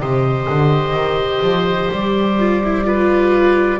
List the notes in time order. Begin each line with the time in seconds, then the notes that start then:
0.00 C3 G4 C5 D#5
0.49 D3
0.93 D#3
1.42 F3
1.91 G3 D5
2.38 F4
2.64 E4
2.84 F4 B4